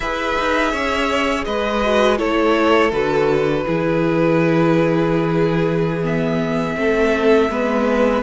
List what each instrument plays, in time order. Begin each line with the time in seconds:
0.00 cello E4, viola G#4, violin B4 E5
0.39 cello D#4
0.71 cello C#4, violin C#5
1.44 cello G#3, violin B4 D#5
1.84 viola F#4
2.18 cello A3, viola E4, violin A4 C#5
2.91 cello D3, viola F#4, violin B4
3.66 cello E3, viola E4, violin G#4
6.03 viola B3, violin E5
6.75 cello A3, viola C4, violin A4
7.49 cello G#3, viola B3, violin B4